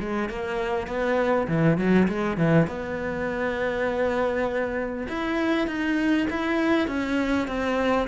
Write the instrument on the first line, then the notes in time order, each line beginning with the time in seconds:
cello
0.00 G#3
0.29 A#3
0.87 B3
1.48 E3
1.78 F#3
2.08 G#3
2.37 E3
2.67 B3
5.08 E4
5.67 D#4
6.30 E4
6.88 C#4
7.47 C4